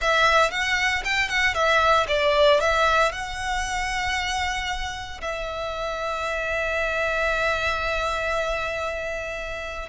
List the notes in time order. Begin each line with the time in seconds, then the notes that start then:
0.01 E5
0.51 F#5
1.04 G5
1.29 F#5
1.54 E5
2.08 D5
2.60 E5
3.12 F#5
5.21 E5